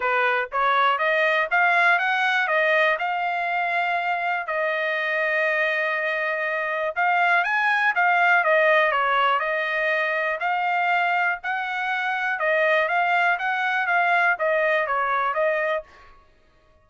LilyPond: \new Staff \with { instrumentName = "trumpet" } { \time 4/4 \tempo 4 = 121 b'4 cis''4 dis''4 f''4 | fis''4 dis''4 f''2~ | f''4 dis''2.~ | dis''2 f''4 gis''4 |
f''4 dis''4 cis''4 dis''4~ | dis''4 f''2 fis''4~ | fis''4 dis''4 f''4 fis''4 | f''4 dis''4 cis''4 dis''4 | }